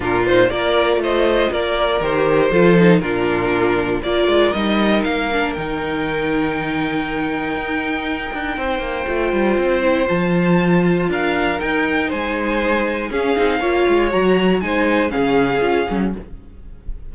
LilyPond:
<<
  \new Staff \with { instrumentName = "violin" } { \time 4/4 \tempo 4 = 119 ais'8 c''8 d''4 dis''4 d''4 | c''2 ais'2 | d''4 dis''4 f''4 g''4~ | g''1~ |
g''1 | a''2 f''4 g''4 | gis''2 f''2 | ais''4 gis''4 f''2 | }
  \new Staff \with { instrumentName = "violin" } { \time 4/4 f'4 ais'4 c''4 ais'4~ | ais'4 a'4 f'2 | ais'1~ | ais'1~ |
ais'4 c''2.~ | c''2 ais'2 | c''2 gis'4 cis''4~ | cis''4 c''4 gis'2 | }
  \new Staff \with { instrumentName = "viola" } { \time 4/4 d'8 dis'8 f'2. | g'4 f'8 dis'8 d'2 | f'4 dis'4. d'8 dis'4~ | dis'1~ |
dis'2 f'4. e'8 | f'2. dis'4~ | dis'2 cis'8 dis'8 f'4 | fis'4 dis'4 cis'4 f'8 cis'8 | }
  \new Staff \with { instrumentName = "cello" } { \time 4/4 ais,4 ais4 a4 ais4 | dis4 f4 ais,2 | ais8 gis8 g4 ais4 dis4~ | dis2. dis'4~ |
dis'8 d'8 c'8 ais8 a8 g8 c'4 | f2 d'4 dis'4 | gis2 cis'8 c'8 ais8 gis8 | fis4 gis4 cis4 cis'8 fis8 | }
>>